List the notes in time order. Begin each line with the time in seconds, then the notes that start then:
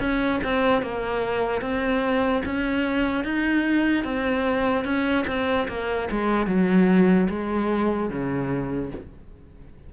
0.00 C#4
0.44 C4
0.82 A#3
1.62 C4
2.45 C#4
3.24 D#4
4.05 C4
4.85 C#4
5.27 C4
5.68 A#3
6.11 G#3
6.47 F#3
7.30 G#3
8.10 C#3